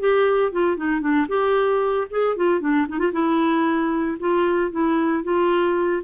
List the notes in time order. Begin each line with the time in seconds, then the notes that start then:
0.00 G4
0.52 F4
0.77 D#4
1.01 D4
1.29 G4
2.11 G#4
2.37 F4
2.61 D4
2.89 D#4
2.99 F4
3.13 E4
4.20 F4
4.72 E4
5.24 F4